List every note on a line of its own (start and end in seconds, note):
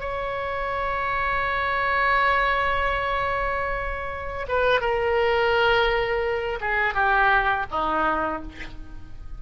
0.00 4.46 C#5
4.48 4.81 B4
4.81 6.59 A#4
6.61 6.94 G#4
6.94 7.66 G4
7.71 8.43 D#4